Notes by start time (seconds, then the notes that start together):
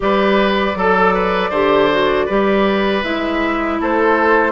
0.00 G3 G4 B4 D5
0.75 F#3 A4
1.14 B4
1.50 D3 G4 C5
1.90 F#4
2.25 G3 G4 B4
3.02 G#3 E4 E5
3.80 A3 A4 C5